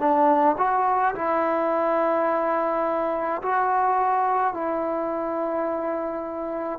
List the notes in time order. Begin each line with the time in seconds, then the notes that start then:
0.00 D4
0.59 F#4
1.16 E4
3.43 F#4
4.54 E4